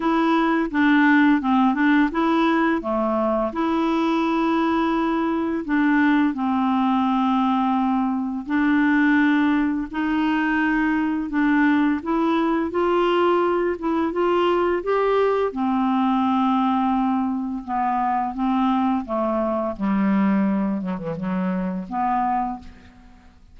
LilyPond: \new Staff \with { instrumentName = "clarinet" } { \time 4/4 \tempo 4 = 85 e'4 d'4 c'8 d'8 e'4 | a4 e'2. | d'4 c'2. | d'2 dis'2 |
d'4 e'4 f'4. e'8 | f'4 g'4 c'2~ | c'4 b4 c'4 a4 | g4. fis16 e16 fis4 b4 | }